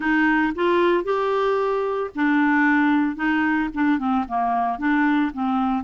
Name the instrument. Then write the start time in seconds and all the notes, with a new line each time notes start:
clarinet
0.00 D#4
0.55 F4
1.04 G4
2.15 D4
3.16 D#4
3.73 D4
3.98 C4
4.27 A#3
4.78 D4
5.33 C4